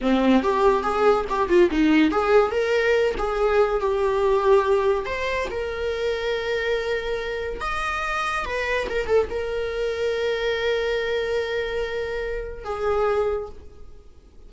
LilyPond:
\new Staff \with { instrumentName = "viola" } { \time 4/4 \tempo 4 = 142 c'4 g'4 gis'4 g'8 f'8 | dis'4 gis'4 ais'4. gis'8~ | gis'4 g'2. | c''4 ais'2.~ |
ais'2 dis''2 | b'4 ais'8 a'8 ais'2~ | ais'1~ | ais'2 gis'2 | }